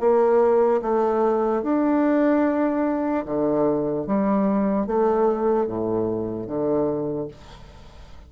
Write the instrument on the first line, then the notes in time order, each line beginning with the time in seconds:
bassoon
0.00 A#3
0.81 A3
1.63 D4
3.25 D3
4.06 G3
4.86 A3
5.66 A2
6.46 D3